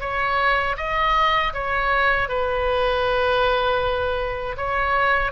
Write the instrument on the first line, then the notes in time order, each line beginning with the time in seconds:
oboe
0.00 C#5
0.77 D#5
1.53 C#5
2.29 B4
4.57 C#5